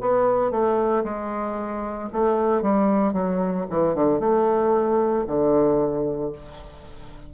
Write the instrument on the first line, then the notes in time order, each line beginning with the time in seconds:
bassoon
0.00 B3
0.51 A3
1.04 G#3
2.12 A3
2.61 G3
3.13 F#3
3.69 E3
3.95 D3
4.20 A3
5.27 D3